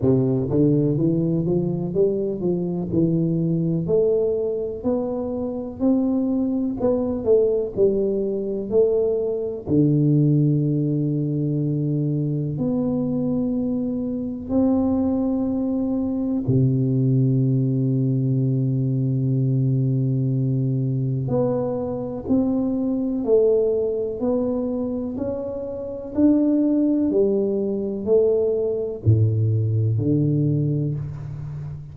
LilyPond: \new Staff \with { instrumentName = "tuba" } { \time 4/4 \tempo 4 = 62 c8 d8 e8 f8 g8 f8 e4 | a4 b4 c'4 b8 a8 | g4 a4 d2~ | d4 b2 c'4~ |
c'4 c2.~ | c2 b4 c'4 | a4 b4 cis'4 d'4 | g4 a4 a,4 d4 | }